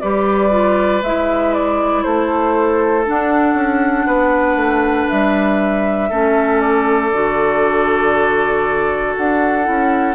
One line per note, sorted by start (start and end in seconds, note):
0.00 1.02 G3
0.00 0.50 G4
0.00 2.04 B4
0.00 1.02 D5
0.50 1.01 F4
1.02 2.04 G#3
1.02 3.05 E4
1.02 1.53 E5
1.53 2.03 D5
2.03 3.08 A3
2.03 4.06 A4
2.03 3.04 C5
3.05 6.10 D4
3.05 3.54 D4
3.05 5.09 F#5
3.54 4.05 C#4
4.06 4.56 B3
4.06 6.09 B4
4.56 5.07 A3
5.09 6.10 G3
5.09 6.60 E5
6.09 7.12 A3
6.09 7.12 C#4
6.09 10.15 A4
6.60 9.14 D5
7.12 9.15 D3
7.12 9.64 F#4
9.16 9.68 D4
9.16 10.15 F#5
9.64 10.15 C#4
9.64 10.14 E4